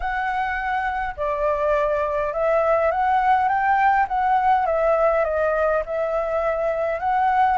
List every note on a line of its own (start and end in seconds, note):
0.00 1.15 F#5
1.17 2.33 D5
2.33 2.91 E5
2.91 3.48 F#5
3.48 4.06 G5
4.08 4.66 F#5
4.66 5.24 E5
5.24 5.82 D#5
5.85 6.99 E5
6.99 7.57 F#5